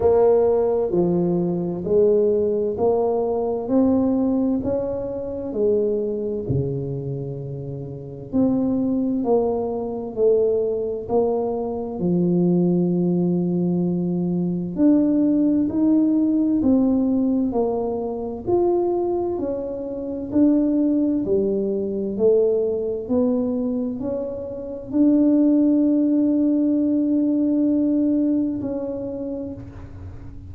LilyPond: \new Staff \with { instrumentName = "tuba" } { \time 4/4 \tempo 4 = 65 ais4 f4 gis4 ais4 | c'4 cis'4 gis4 cis4~ | cis4 c'4 ais4 a4 | ais4 f2. |
d'4 dis'4 c'4 ais4 | f'4 cis'4 d'4 g4 | a4 b4 cis'4 d'4~ | d'2. cis'4 | }